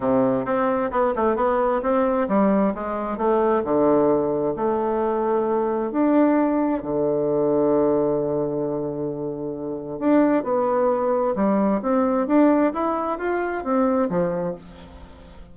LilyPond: \new Staff \with { instrumentName = "bassoon" } { \time 4/4 \tempo 4 = 132 c4 c'4 b8 a8 b4 | c'4 g4 gis4 a4 | d2 a2~ | a4 d'2 d4~ |
d1~ | d2 d'4 b4~ | b4 g4 c'4 d'4 | e'4 f'4 c'4 f4 | }